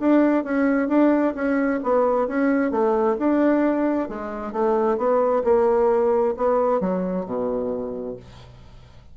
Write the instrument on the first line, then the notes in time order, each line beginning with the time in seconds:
bassoon
0.00 D4
0.44 C#4
0.89 D4
1.35 C#4
1.83 B3
2.28 C#4
2.71 A3
3.19 D4
4.09 G#3
4.53 A3
4.98 B3
5.44 A#3
6.37 B3
6.81 F#3
7.26 B2